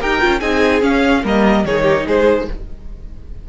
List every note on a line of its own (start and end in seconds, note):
0.00 0.23 D#4
0.00 0.20 G4
0.00 0.40 A#4
0.00 0.40 G5
0.20 0.42 C#4
0.20 0.41 F4
0.40 0.82 C4
0.40 0.82 D#4
0.40 1.23 G#4
0.40 0.81 G#5
0.82 1.23 C#4
0.82 1.24 C#4
0.82 1.24 F5
1.24 1.64 G3
1.24 1.65 A#3
1.24 1.65 A#4
1.24 1.65 D#5
1.64 2.05 D#3
1.64 2.48 D#4
1.64 1.82 G#4
1.64 2.06 C#5
1.82 2.03 G4
2.07 2.48 G#3
2.07 2.48 G#4
2.07 2.49 C5